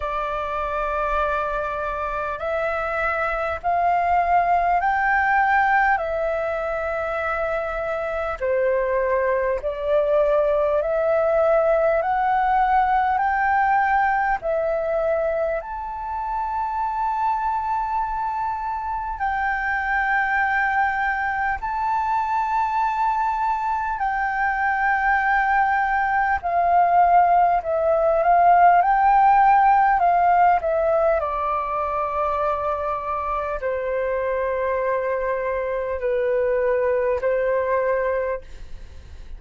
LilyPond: \new Staff \with { instrumentName = "flute" } { \time 4/4 \tempo 4 = 50 d''2 e''4 f''4 | g''4 e''2 c''4 | d''4 e''4 fis''4 g''4 | e''4 a''2. |
g''2 a''2 | g''2 f''4 e''8 f''8 | g''4 f''8 e''8 d''2 | c''2 b'4 c''4 | }